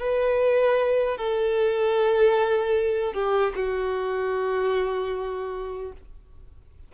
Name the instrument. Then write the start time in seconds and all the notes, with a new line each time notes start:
violin
0.00 B4
1.18 A4
3.14 G4
3.56 F#4